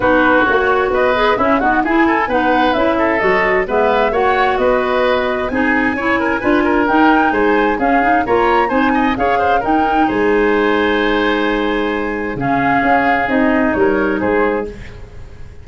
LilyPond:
<<
  \new Staff \with { instrumentName = "flute" } { \time 4/4 \tempo 4 = 131 b'4 cis''4 dis''4 e''8 fis''8 | gis''4 fis''4 e''4 dis''4 | e''4 fis''4 dis''2 | gis''2. g''4 |
gis''4 f''4 ais''4 gis''4 | f''4 g''4 gis''2~ | gis''2. f''4~ | f''4 dis''4 cis''4 c''4 | }
  \new Staff \with { instrumentName = "oboe" } { \time 4/4 fis'2 b'4 e'8 fis'8 | gis'8 a'8 b'4. a'4. | b'4 cis''4 b'2 | gis'4 cis''8 ais'8 b'8 ais'4. |
c''4 gis'4 cis''4 c''8 dis''8 | cis''8 c''8 ais'4 c''2~ | c''2. gis'4~ | gis'2 ais'4 gis'4 | }
  \new Staff \with { instrumentName = "clarinet" } { \time 4/4 dis'4 fis'4. gis'8 cis'8 b8 | e'4 dis'4 e'4 fis'4 | b4 fis'2. | dis'4 e'4 f'4 dis'4~ |
dis'4 cis'8 dis'8 f'4 dis'4 | gis'4 dis'2.~ | dis'2. cis'4~ | cis'4 dis'2. | }
  \new Staff \with { instrumentName = "tuba" } { \time 4/4 b4 ais4 b4 cis'8 dis'8 | e'4 b4 cis'4 fis4 | gis4 ais4 b2 | c'4 cis'4 d'4 dis'4 |
gis4 cis'4 ais4 c'4 | cis'4 dis'4 gis2~ | gis2. cis4 | cis'4 c'4 g4 gis4 | }
>>